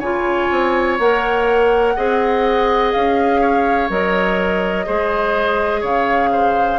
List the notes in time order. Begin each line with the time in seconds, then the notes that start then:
0.00 C#3 F4 C#5 G#5
0.52 C4
0.99 A#3 A#4 F#5
1.96 C4 G#4 D#5
2.93 C#4 F5
3.41 C#5
3.90 F#3 A#4 D#5
4.86 G#3 G#4 C5
5.81 C#3 C#5 F5
6.32 C5